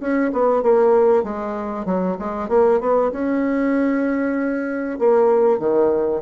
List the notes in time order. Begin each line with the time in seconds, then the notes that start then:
0.00 C#4
0.32 B3
0.62 A#3
1.23 G#3
1.85 F#3
2.18 G#3
2.49 A#3
2.80 B3
3.11 C#4
4.99 A#3
5.59 D#3